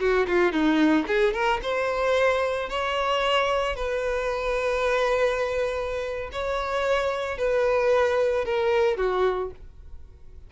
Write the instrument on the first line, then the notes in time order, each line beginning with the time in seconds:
violin
0.00 F#4
0.28 F4
0.52 D#4
1.07 G#4
1.34 A#4
1.63 C5
2.70 C#5
3.76 B4
6.32 C#5
7.38 B4
8.45 A#4
8.97 F#4